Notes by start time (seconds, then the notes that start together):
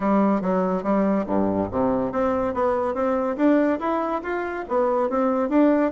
0.00 G3
0.41 F#3
0.83 G3
1.26 G2
1.71 C3
2.12 C4
2.54 B3
2.94 C4
3.36 D4
3.79 E4
4.23 F4
4.68 B3
5.09 C4
5.49 D4